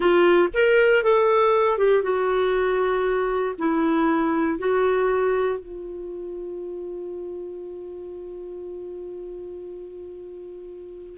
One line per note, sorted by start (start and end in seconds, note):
0.00 0.49 F4
0.53 1.03 A#4
1.03 1.78 A4
1.78 2.02 G4
2.02 3.55 F#4
3.58 4.58 E4
4.58 5.59 F#4
5.59 11.18 F4